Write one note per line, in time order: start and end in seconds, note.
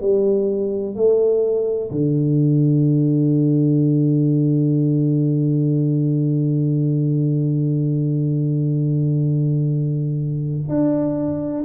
0.00 0.95 G3
0.95 1.90 A3
1.90 10.68 D3
10.68 11.63 D4